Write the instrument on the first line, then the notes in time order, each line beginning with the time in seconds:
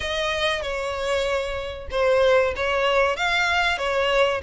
violin
0.00 D#5
0.61 C#5
1.91 C5
2.56 C#5
3.16 F5
3.78 C#5